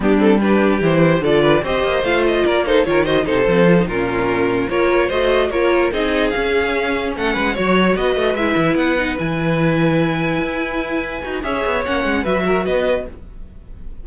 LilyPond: <<
  \new Staff \with { instrumentName = "violin" } { \time 4/4 \tempo 4 = 147 g'8 a'8 b'4 c''4 d''4 | dis''4 f''8 dis''8 d''8 c''8 cis''8 dis''8 | c''4. ais'2 cis''8~ | cis''8 dis''4 cis''4 dis''4 f''8~ |
f''4. fis''4 cis''4 dis''8~ | dis''8 e''4 fis''4 gis''4.~ | gis''1 | e''4 fis''4 e''4 dis''4 | }
  \new Staff \with { instrumentName = "violin" } { \time 4/4 d'4 g'2 a'8 b'8 | c''2 ais'8 a'8 ais'8 c''8 | a'4. f'2 ais'8~ | ais'8 c''4 ais'4 gis'4.~ |
gis'4. a'8 b'8 cis''4 b'8~ | b'1~ | b'1 | cis''2 b'8 ais'8 b'4 | }
  \new Staff \with { instrumentName = "viola" } { \time 4/4 b8 c'8 d'4 e'4 f'4 | g'4 f'4. dis'8 f'8 fis'8 | dis'8 c'8 f'16 dis'16 cis'2 f'8~ | f'8 fis'4 f'4 dis'4 cis'8~ |
cis'2~ cis'8 fis'4.~ | fis'8 e'4. dis'8 e'4.~ | e'2.~ e'8 fis'8 | gis'4 cis'4 fis'2 | }
  \new Staff \with { instrumentName = "cello" } { \time 4/4 g2 e4 d4 | c'8 ais8 a4 ais4 dis4 | c8 f4 ais,2 ais8~ | ais8 a4 ais4 c'4 cis'8~ |
cis'4. a8 gis8 fis4 b8 | a8 gis8 e8 b4 e4.~ | e4. e'2 dis'8 | cis'8 b8 ais8 gis8 fis4 b4 | }
>>